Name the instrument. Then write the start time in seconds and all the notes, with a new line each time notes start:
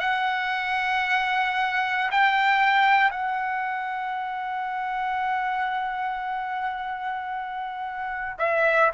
trumpet
0.00 F#5
2.11 G5
3.11 F#5
8.39 E5